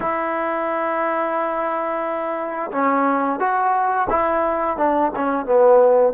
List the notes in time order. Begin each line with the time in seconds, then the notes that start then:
0.00 E4
2.71 C#4
3.39 F#4
4.09 E4
4.77 D4
5.15 C#4
5.45 B3